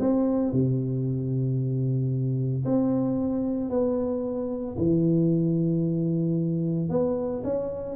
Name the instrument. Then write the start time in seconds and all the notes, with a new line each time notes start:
tuba
0.00 C4
0.53 C3
2.65 C4
3.70 B3
4.78 E3
6.90 B3
7.44 C#4